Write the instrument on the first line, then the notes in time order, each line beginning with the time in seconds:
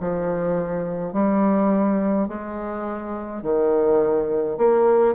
bassoon
0.00 F3
1.13 G3
2.28 G#3
3.42 D#3
4.58 A#3